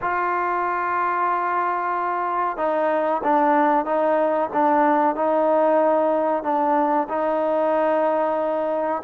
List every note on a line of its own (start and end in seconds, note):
0.01 2.57 F4
2.57 3.21 D#4
3.23 3.85 D4
3.85 4.49 D#4
4.53 5.15 D4
5.15 6.43 D#4
6.43 7.07 D4
7.09 9.02 D#4